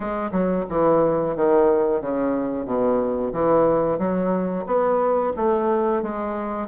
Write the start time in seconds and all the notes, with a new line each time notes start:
0.00 G#3
0.31 F#3
0.69 E3
1.35 D#3
2.01 C#3
2.65 B2
3.32 E3
3.98 F#3
4.66 B3
5.36 A3
6.02 G#3